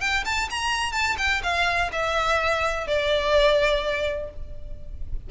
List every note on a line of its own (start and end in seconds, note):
0.00 0.24 G5
0.25 0.49 A5
0.50 0.92 A#5
0.92 1.16 A5
1.18 1.42 G5
1.43 1.90 F5
1.92 2.87 E5
2.87 4.29 D5